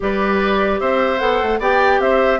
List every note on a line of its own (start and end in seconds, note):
0.00 0.81 G3
0.00 1.19 G4
0.00 0.80 B4
0.00 0.79 D5
0.79 1.20 C4
0.79 1.59 C5
0.79 1.18 E5
1.18 1.40 B3
1.18 1.59 A4
1.18 1.58 F#5
1.41 1.59 A3
1.59 1.99 B3
1.59 2.39 G4
1.59 1.99 D5
1.59 2.00 G5
1.99 2.39 C4
1.99 2.39 C5
1.99 2.39 E5